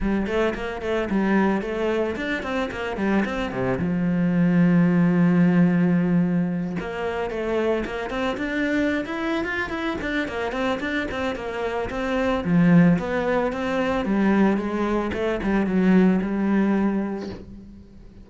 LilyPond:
\new Staff \with { instrumentName = "cello" } { \time 4/4 \tempo 4 = 111 g8 a8 ais8 a8 g4 a4 | d'8 c'8 ais8 g8 c'8 c8 f4~ | f1~ | f8 ais4 a4 ais8 c'8 d'8~ |
d'8. e'8. f'8 e'8 d'8 ais8 c'8 | d'8 c'8 ais4 c'4 f4 | b4 c'4 g4 gis4 | a8 g8 fis4 g2 | }